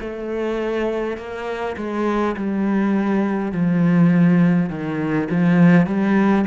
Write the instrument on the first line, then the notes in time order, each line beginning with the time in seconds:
cello
0.00 A3
1.18 A#3
1.77 G#3
2.36 G3
3.52 F3
4.70 D#3
5.31 F3
5.87 G3